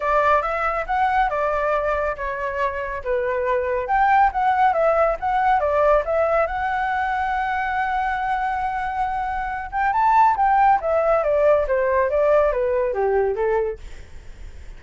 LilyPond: \new Staff \with { instrumentName = "flute" } { \time 4/4 \tempo 4 = 139 d''4 e''4 fis''4 d''4~ | d''4 cis''2 b'4~ | b'4 g''4 fis''4 e''4 | fis''4 d''4 e''4 fis''4~ |
fis''1~ | fis''2~ fis''8 g''8 a''4 | g''4 e''4 d''4 c''4 | d''4 b'4 g'4 a'4 | }